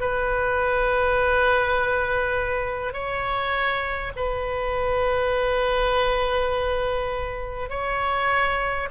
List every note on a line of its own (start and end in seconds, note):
0.00 2.93 B4
2.93 4.12 C#5
4.16 7.70 B4
7.70 8.89 C#5